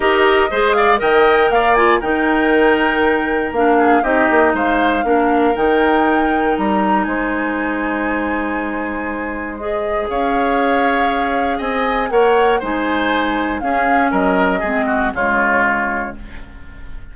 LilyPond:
<<
  \new Staff \with { instrumentName = "flute" } { \time 4/4 \tempo 4 = 119 dis''4. f''8 g''4 f''8 gis''8 | g''2. f''4 | dis''4 f''2 g''4~ | g''4 ais''4 gis''2~ |
gis''2. dis''4 | f''2. gis''4 | fis''4 gis''2 f''4 | dis''2 cis''2 | }
  \new Staff \with { instrumentName = "oboe" } { \time 4/4 ais'4 c''8 d''8 dis''4 d''4 | ais'2.~ ais'8 gis'8 | g'4 c''4 ais'2~ | ais'2 c''2~ |
c''1 | cis''2. dis''4 | cis''4 c''2 gis'4 | ais'4 gis'8 fis'8 f'2 | }
  \new Staff \with { instrumentName = "clarinet" } { \time 4/4 g'4 gis'4 ais'4. f'8 | dis'2. d'4 | dis'2 d'4 dis'4~ | dis'1~ |
dis'2. gis'4~ | gis'1 | ais'4 dis'2 cis'4~ | cis'4 c'4 gis2 | }
  \new Staff \with { instrumentName = "bassoon" } { \time 4/4 dis'4 gis4 dis4 ais4 | dis2. ais4 | c'8 ais8 gis4 ais4 dis4~ | dis4 g4 gis2~ |
gis1 | cis'2. c'4 | ais4 gis2 cis'4 | fis4 gis4 cis2 | }
>>